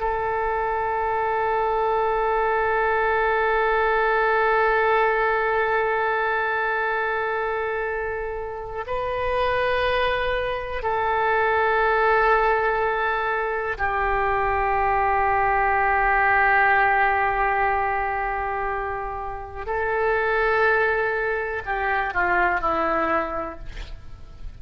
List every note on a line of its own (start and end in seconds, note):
0.00 8.85 A4
8.87 10.82 B4
10.82 13.77 A4
13.78 19.66 G4
19.66 21.63 A4
21.66 22.14 G4
22.14 22.61 F4
22.61 23.59 E4